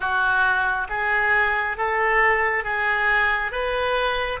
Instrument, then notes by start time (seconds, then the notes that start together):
oboe
0.00 F#4
0.89 G#4
1.77 A4
2.64 G#4
3.51 B4